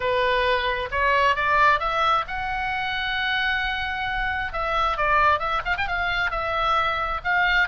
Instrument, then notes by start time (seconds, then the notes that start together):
oboe
0.00 B4
0.91 C#5
1.35 D5
1.79 E5
2.27 F#5
4.52 E5
4.97 D5
5.39 E5
5.65 F5
5.77 G5
5.87 F5
6.30 E5
7.24 F5